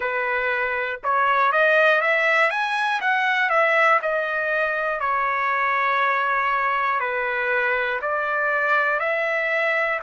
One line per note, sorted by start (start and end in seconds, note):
0.00 1.00 B4
1.03 1.52 C#5
1.52 2.01 D#5
2.01 2.50 E5
2.50 3.00 G#5
3.00 3.49 F#5
3.49 3.99 E5
4.02 5.00 D#5
5.00 7.00 C#5
7.00 8.00 B4
8.01 9.00 D5
9.00 10.00 E5